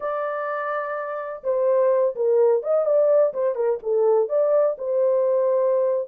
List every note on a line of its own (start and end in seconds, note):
0.00 1.43 D5
1.43 2.15 C5
2.15 2.63 A#4
2.63 2.85 D#5
2.85 3.33 D5
3.33 3.55 C5
3.55 3.79 A#4
3.82 4.29 A4
4.29 4.76 D5
4.78 6.08 C5